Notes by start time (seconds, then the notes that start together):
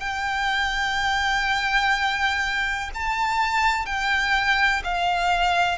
0.00 G5
2.94 A5
3.86 G5
4.84 F5